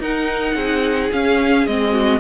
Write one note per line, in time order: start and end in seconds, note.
0.00 0.55 D#4
0.00 1.12 D#4
0.00 0.57 A#4
0.00 1.12 F#5
0.56 1.11 C4
0.56 1.93 G#4
1.13 1.68 C#4
1.13 1.67 F5
1.67 2.21 G#3
1.67 2.21 C4
1.67 2.21 D#5
1.93 2.20 F#4